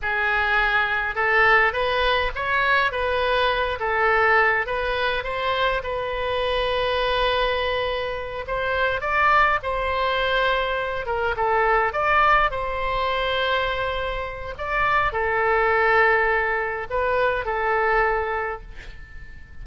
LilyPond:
\new Staff \with { instrumentName = "oboe" } { \time 4/4 \tempo 4 = 103 gis'2 a'4 b'4 | cis''4 b'4. a'4. | b'4 c''4 b'2~ | b'2~ b'8 c''4 d''8~ |
d''8 c''2~ c''8 ais'8 a'8~ | a'8 d''4 c''2~ c''8~ | c''4 d''4 a'2~ | a'4 b'4 a'2 | }